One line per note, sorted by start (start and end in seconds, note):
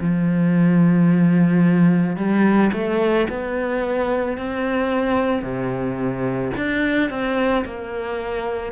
0.00 2.16 F3
2.16 2.71 G3
2.73 3.27 A3
3.29 4.37 B3
4.37 5.42 C4
5.42 6.52 C3
6.57 7.10 D4
7.10 7.65 C4
7.65 8.72 A#3